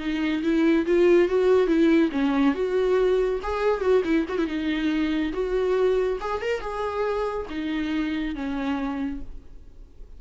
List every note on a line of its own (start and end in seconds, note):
0.00 0.43 D#4
0.43 0.86 E4
0.87 1.29 F4
1.29 1.68 F#4
1.68 2.11 E4
2.12 2.55 C#4
2.55 3.40 F#4
3.43 3.81 G#4
3.81 4.03 F#4
4.05 4.26 E4
4.29 4.39 F#4
4.39 4.47 E4
4.47 5.33 D#4
5.33 6.19 F#4
6.21 6.42 G#4
6.42 6.61 A#4
6.61 7.47 G#4
7.50 8.36 D#4
8.36 9.21 C#4